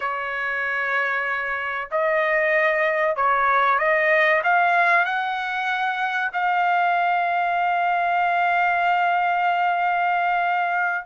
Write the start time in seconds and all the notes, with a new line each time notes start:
0.00 C#5
1.91 D#5
3.16 C#5
3.78 D#5
4.43 F5
5.05 F#5
6.32 F5